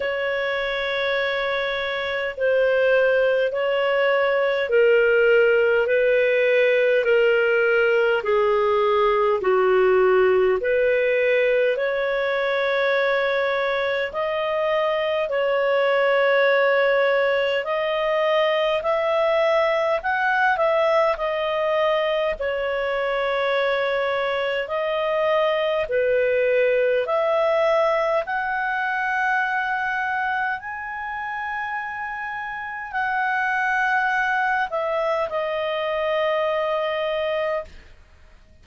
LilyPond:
\new Staff \with { instrumentName = "clarinet" } { \time 4/4 \tempo 4 = 51 cis''2 c''4 cis''4 | ais'4 b'4 ais'4 gis'4 | fis'4 b'4 cis''2 | dis''4 cis''2 dis''4 |
e''4 fis''8 e''8 dis''4 cis''4~ | cis''4 dis''4 b'4 e''4 | fis''2 gis''2 | fis''4. e''8 dis''2 | }